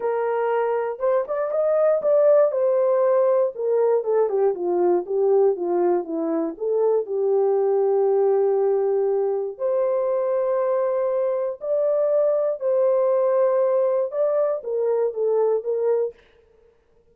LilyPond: \new Staff \with { instrumentName = "horn" } { \time 4/4 \tempo 4 = 119 ais'2 c''8 d''8 dis''4 | d''4 c''2 ais'4 | a'8 g'8 f'4 g'4 f'4 | e'4 a'4 g'2~ |
g'2. c''4~ | c''2. d''4~ | d''4 c''2. | d''4 ais'4 a'4 ais'4 | }